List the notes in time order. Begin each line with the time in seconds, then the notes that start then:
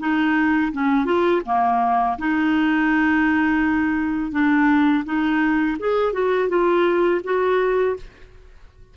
0.00 D#4
0.73 C#4
1.05 F4
1.45 A#3
2.19 D#4
4.32 D4
5.05 D#4
5.79 G#4
6.13 F#4
6.49 F4
7.24 F#4